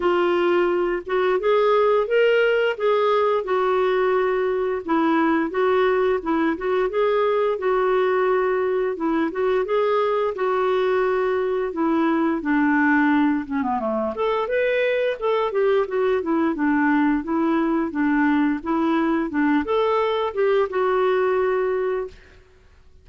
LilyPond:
\new Staff \with { instrumentName = "clarinet" } { \time 4/4 \tempo 4 = 87 f'4. fis'8 gis'4 ais'4 | gis'4 fis'2 e'4 | fis'4 e'8 fis'8 gis'4 fis'4~ | fis'4 e'8 fis'8 gis'4 fis'4~ |
fis'4 e'4 d'4. cis'16 b16 | a8 a'8 b'4 a'8 g'8 fis'8 e'8 | d'4 e'4 d'4 e'4 | d'8 a'4 g'8 fis'2 | }